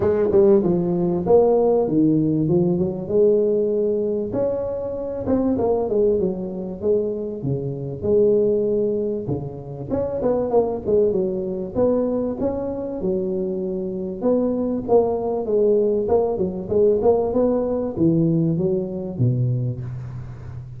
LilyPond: \new Staff \with { instrumentName = "tuba" } { \time 4/4 \tempo 4 = 97 gis8 g8 f4 ais4 dis4 | f8 fis8 gis2 cis'4~ | cis'8 c'8 ais8 gis8 fis4 gis4 | cis4 gis2 cis4 |
cis'8 b8 ais8 gis8 fis4 b4 | cis'4 fis2 b4 | ais4 gis4 ais8 fis8 gis8 ais8 | b4 e4 fis4 b,4 | }